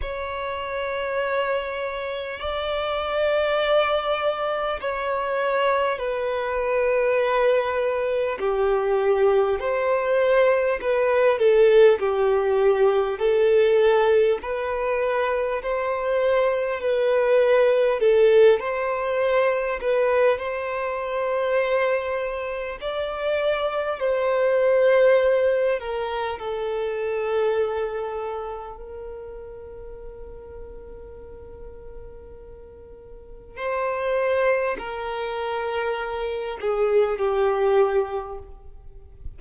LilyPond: \new Staff \with { instrumentName = "violin" } { \time 4/4 \tempo 4 = 50 cis''2 d''2 | cis''4 b'2 g'4 | c''4 b'8 a'8 g'4 a'4 | b'4 c''4 b'4 a'8 c''8~ |
c''8 b'8 c''2 d''4 | c''4. ais'8 a'2 | ais'1 | c''4 ais'4. gis'8 g'4 | }